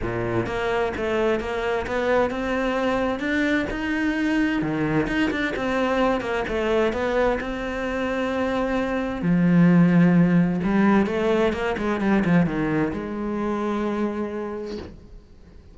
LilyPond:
\new Staff \with { instrumentName = "cello" } { \time 4/4 \tempo 4 = 130 ais,4 ais4 a4 ais4 | b4 c'2 d'4 | dis'2 dis4 dis'8 d'8 | c'4. ais8 a4 b4 |
c'1 | f2. g4 | a4 ais8 gis8 g8 f8 dis4 | gis1 | }